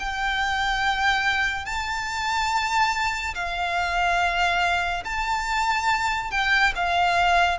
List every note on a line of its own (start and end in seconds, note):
0.00 1.66 G5
1.66 3.35 A5
3.35 5.04 F5
5.05 6.31 A5
6.31 6.74 G5
6.76 7.59 F5